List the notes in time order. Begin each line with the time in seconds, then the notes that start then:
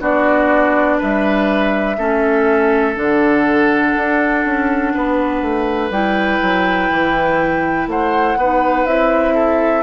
0.00 B3 D4 F#4 D5
0.98 G3 B4 E5
1.98 A3 C#4 A4
2.95 D3 D4 F#5
3.97 D4
4.45 C#4
4.95 B3 B4
5.42 A3
5.91 G3 E4 G5
6.42 F#3
6.91 E3
7.87 A3 C5 F#5
8.37 B3 D#4 B4
8.87 C4 E4 E5
9.35 A4